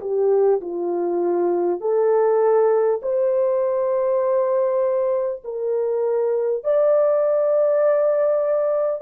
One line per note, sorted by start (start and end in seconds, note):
0.00 0.60 G4
0.61 1.80 F4
1.80 3.00 A4
3.02 5.42 C5
5.44 6.64 A#4
6.64 9.01 D5